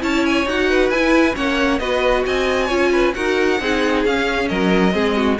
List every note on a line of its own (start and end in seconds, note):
0.00 0.46 C#4
0.00 0.45 E4
0.00 0.70 C#5
0.00 0.26 A5
0.26 0.48 G#5
0.46 0.91 D#4
0.46 0.93 F#4
0.46 0.91 F#5
0.70 1.36 B4
0.91 1.36 E4
0.91 1.34 E4
0.91 1.35 G#5
1.34 1.80 A#3
1.34 1.79 C#4
1.34 1.80 C#5
1.34 1.79 F#5
1.79 2.25 B3
1.79 2.69 F#4
1.79 2.25 B4
1.79 2.24 D#5
2.26 2.71 C4
2.26 2.67 D#5
2.26 3.14 G#5
2.67 3.16 C#4
2.67 3.14 F4
2.67 2.89 C#5
2.92 3.15 B4
3.14 3.61 D#4
3.14 3.60 F#4
3.14 3.61 A#4
3.14 4.04 F#5
3.61 4.05 C4
3.61 4.07 D#4
3.61 4.49 G#4
4.06 4.50 C#4
4.06 4.92 C#4
4.06 4.48 F5
4.48 4.95 F#3
4.48 4.94 A#4
4.48 5.38 D#5
4.92 5.39 G#3
4.92 5.37 C4
4.92 5.17 G#4
5.17 5.39 F#4